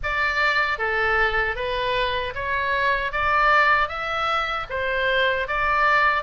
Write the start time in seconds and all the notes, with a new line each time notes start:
0.03 D5
0.78 A4
1.55 B4
2.34 C#5
3.12 D5
3.88 E5
4.69 C5
5.47 D5